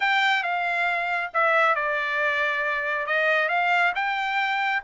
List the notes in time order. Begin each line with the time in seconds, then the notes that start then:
0.00 G5
0.43 F5
1.33 E5
1.75 D5
3.06 D#5
3.49 F5
3.95 G5